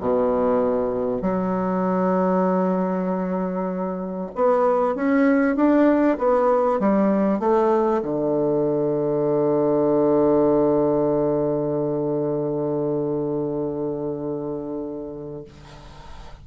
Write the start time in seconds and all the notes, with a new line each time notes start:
0.00 B2
1.21 F#3
4.35 B3
4.95 C#4
5.56 D4
6.18 B3
6.79 G3
7.39 A3
8.02 D3